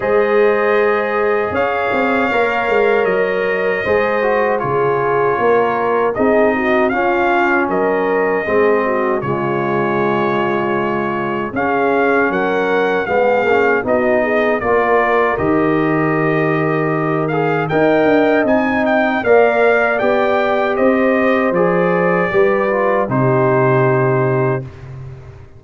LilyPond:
<<
  \new Staff \with { instrumentName = "trumpet" } { \time 4/4 \tempo 4 = 78 dis''2 f''2 | dis''2 cis''2 | dis''4 f''4 dis''2 | cis''2. f''4 |
fis''4 f''4 dis''4 d''4 | dis''2~ dis''8 f''8 g''4 | gis''8 g''8 f''4 g''4 dis''4 | d''2 c''2 | }
  \new Staff \with { instrumentName = "horn" } { \time 4/4 c''2 cis''2~ | cis''4 c''4 gis'4 ais'4 | gis'8 fis'8 f'4 ais'4 gis'8 fis'8 | f'2. gis'4 |
ais'4 gis'4 fis'8 gis'8 ais'4~ | ais'2. dis''4~ | dis''4 d''2 c''4~ | c''4 b'4 g'2 | }
  \new Staff \with { instrumentName = "trombone" } { \time 4/4 gis'2. ais'4~ | ais'4 gis'8 fis'8 f'2 | dis'4 cis'2 c'4 | gis2. cis'4~ |
cis'4 b8 cis'8 dis'4 f'4 | g'2~ g'8 gis'8 ais'4 | dis'4 ais'4 g'2 | gis'4 g'8 f'8 dis'2 | }
  \new Staff \with { instrumentName = "tuba" } { \time 4/4 gis2 cis'8 c'8 ais8 gis8 | fis4 gis4 cis4 ais4 | c'4 cis'4 fis4 gis4 | cis2. cis'4 |
fis4 gis8 ais8 b4 ais4 | dis2. dis'8 d'8 | c'4 ais4 b4 c'4 | f4 g4 c2 | }
>>